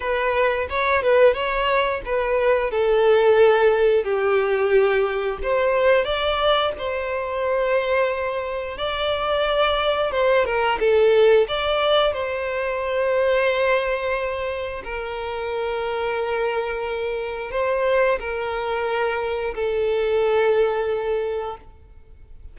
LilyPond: \new Staff \with { instrumentName = "violin" } { \time 4/4 \tempo 4 = 89 b'4 cis''8 b'8 cis''4 b'4 | a'2 g'2 | c''4 d''4 c''2~ | c''4 d''2 c''8 ais'8 |
a'4 d''4 c''2~ | c''2 ais'2~ | ais'2 c''4 ais'4~ | ais'4 a'2. | }